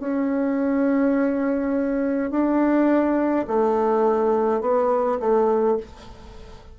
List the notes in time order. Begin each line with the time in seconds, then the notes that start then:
0.00 C#4
2.31 D4
3.48 A3
4.61 B3
5.20 A3